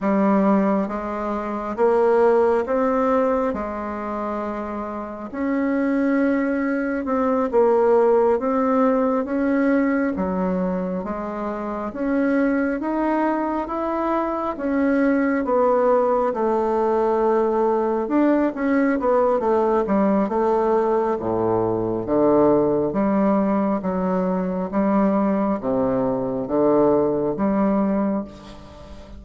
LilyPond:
\new Staff \with { instrumentName = "bassoon" } { \time 4/4 \tempo 4 = 68 g4 gis4 ais4 c'4 | gis2 cis'2 | c'8 ais4 c'4 cis'4 fis8~ | fis8 gis4 cis'4 dis'4 e'8~ |
e'8 cis'4 b4 a4.~ | a8 d'8 cis'8 b8 a8 g8 a4 | a,4 d4 g4 fis4 | g4 c4 d4 g4 | }